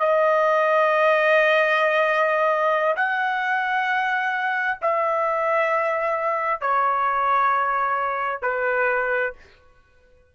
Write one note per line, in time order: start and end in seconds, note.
0.00 2.95 D#5
2.96 4.78 F#5
4.81 6.61 E5
6.61 8.42 C#5
8.42 9.33 B4